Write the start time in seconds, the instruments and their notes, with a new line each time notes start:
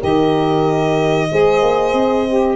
0.00 tuba D#3, saxophone G4, horn A#4, violin D#5
1.31 tuba G#3, saxophone G#4, horn C5
1.62 tuba A#3
1.93 tuba C4
2.28 saxophone G4